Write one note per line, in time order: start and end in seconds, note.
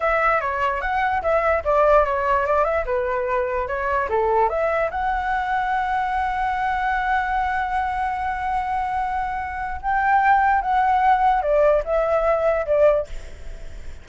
0.00 0.41 E5
0.41 0.81 C#5
0.81 1.22 F#5
1.22 1.63 E5
1.64 2.05 D5
2.05 2.45 C#5
2.45 2.64 D5
2.64 2.84 E5
2.85 3.67 B4
3.67 4.08 C#5
4.09 4.49 A4
4.49 4.90 E5
4.91 9.80 F#5
9.81 10.61 G5
10.61 11.42 F#5
11.42 11.83 D5
11.85 12.66 E5
12.66 13.06 D5